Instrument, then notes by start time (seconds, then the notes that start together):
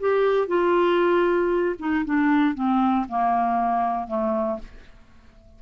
clarinet
0.00 G4
0.48 F4
1.79 D#4
2.05 D4
2.55 C4
3.09 A#3
4.08 A3